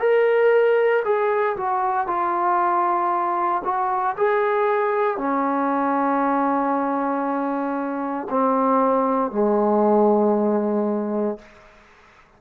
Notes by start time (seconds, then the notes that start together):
0.00 A#4
1.05 G#4
1.57 F#4
2.08 F4
3.64 F#4
4.18 G#4
5.18 C#4
8.30 C4
9.32 G#3